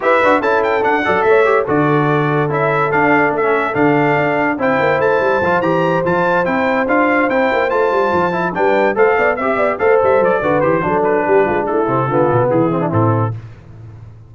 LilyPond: <<
  \new Staff \with { instrumentName = "trumpet" } { \time 4/4 \tempo 4 = 144 e''4 a''8 g''8 fis''4 e''4 | d''2 e''4 f''4 | e''4 f''2 g''4 | a''4. ais''4 a''4 g''8~ |
g''8 f''4 g''4 a''4.~ | a''8 g''4 f''4 e''4 f''8 | e''8 d''4 c''4 b'4. | a'2 gis'4 a'4 | }
  \new Staff \with { instrumentName = "horn" } { \time 4/4 b'4 a'4. d''8 cis''4 | a'1~ | a'2. c''4~ | c''1~ |
c''1~ | c''8 b'4 c''8 d''8 e''8 d''8 c''8~ | c''4 b'4 a'4 g'8 f'8 | e'4 f'4 e'2 | }
  \new Staff \with { instrumentName = "trombone" } { \time 4/4 g'8 fis'8 e'4 d'8 a'4 g'8 | fis'2 e'4 d'4~ | d'16 cis'8. d'2 e'4~ | e'4 f'8 g'4 f'4 e'8~ |
e'8 f'4 e'4 f'4. | e'8 d'4 a'4 g'4 a'8~ | a'4 fis'8 g'8 d'2~ | d'8 c'8 b4. c'16 d'16 c'4 | }
  \new Staff \with { instrumentName = "tuba" } { \time 4/4 e'8 d'8 cis'4 d'8 fis8 a4 | d2 cis'4 d'4 | a4 d4 d'4 c'8 ais8 | a8 g8 f8 e4 f4 c'8~ |
c'8 d'4 c'8 ais8 a8 g8 f8~ | f8 g4 a8 b8 c'8 b8 a8 | g8 fis8 d8 e8 fis4 g8 gis8 | a8 c8 d8 b,8 e4 a,4 | }
>>